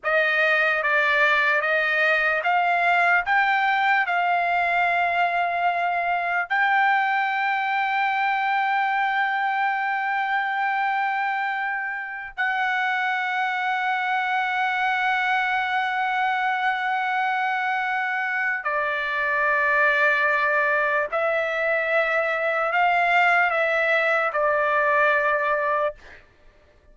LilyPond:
\new Staff \with { instrumentName = "trumpet" } { \time 4/4 \tempo 4 = 74 dis''4 d''4 dis''4 f''4 | g''4 f''2. | g''1~ | g''2.~ g''16 fis''8.~ |
fis''1~ | fis''2. d''4~ | d''2 e''2 | f''4 e''4 d''2 | }